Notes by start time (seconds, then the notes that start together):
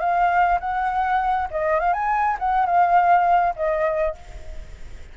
0.00 F5
0.60 F#5
1.51 D#5
1.79 F5
1.93 G#5
2.39 F#5
2.66 F5
3.56 D#5